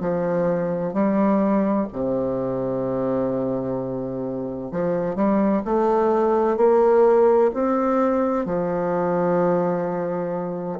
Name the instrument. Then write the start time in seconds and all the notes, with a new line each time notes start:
bassoon
0.00 F3
0.93 G3
1.93 C3
4.71 F3
5.15 G3
5.65 A3
6.57 A#3
7.54 C4
8.45 F3